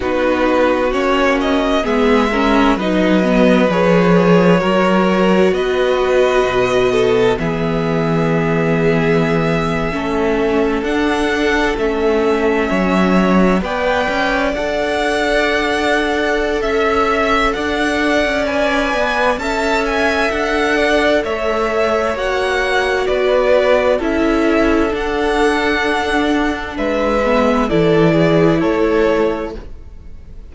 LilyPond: <<
  \new Staff \with { instrumentName = "violin" } { \time 4/4 \tempo 4 = 65 b'4 cis''8 dis''8 e''4 dis''4 | cis''2 dis''2 | e''2.~ e''8. fis''16~ | fis''8. e''2 g''4 fis''16~ |
fis''2 e''4 fis''4 | gis''4 a''8 gis''8 fis''4 e''4 | fis''4 d''4 e''4 fis''4~ | fis''4 e''4 d''4 cis''4 | }
  \new Staff \with { instrumentName = "violin" } { \time 4/4 fis'2 gis'8 ais'8 b'4~ | b'4 ais'4 b'4. a'8 | gis'2~ gis'8. a'4~ a'16~ | a'4.~ a'16 cis''4 d''4~ d''16~ |
d''2 e''4 d''4~ | d''4 e''4. d''8 cis''4~ | cis''4 b'4 a'2~ | a'4 b'4 a'8 gis'8 a'4 | }
  \new Staff \with { instrumentName = "viola" } { \time 4/4 dis'4 cis'4 b8 cis'8 dis'8 b8 | gis'4 fis'2. | b2~ b8. cis'4 d'16~ | d'8. cis'2 b'4 a'16~ |
a'1 | b'4 a'2. | fis'2 e'4 d'4~ | d'4. b8 e'2 | }
  \new Staff \with { instrumentName = "cello" } { \time 4/4 b4 ais4 gis4 fis4 | f4 fis4 b4 b,4 | e2~ e8. a4 d'16~ | d'8. a4 fis4 b8 cis'8 d'16~ |
d'2 cis'4 d'8. cis'16~ | cis'8 b8 cis'4 d'4 a4 | ais4 b4 cis'4 d'4~ | d'4 gis4 e4 a4 | }
>>